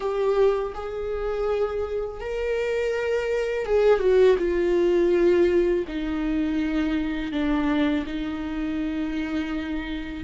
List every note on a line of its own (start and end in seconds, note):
0.00 0.73 G4
0.74 2.20 G#4
2.20 3.65 A#4
3.65 3.99 G#4
3.99 4.36 F#4
4.38 5.84 F4
5.87 7.31 D#4
7.31 8.05 D4
8.06 10.24 D#4